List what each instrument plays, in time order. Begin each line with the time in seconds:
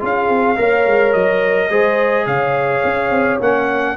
0.00 tuba C#4, trombone F4, horn G#4, trumpet F5
0.29 tuba C4
0.57 tuba A#3, trombone A#4, horn C#5
0.87 tuba G#3
1.13 tuba F#3, trumpet D#5
1.70 tuba G#3, trombone G#4, horn C5
2.27 tuba C#3, horn C#5, trumpet F5
2.85 tuba C#4
3.11 tuba C4
3.40 tuba A#3, trombone C#4, trumpet F#5